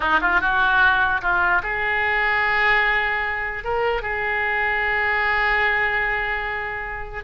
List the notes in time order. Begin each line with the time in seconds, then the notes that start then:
0.00 D#4
0.21 F4
0.40 F#4
1.21 F4
1.62 G#4
3.64 A#4
4.01 G#4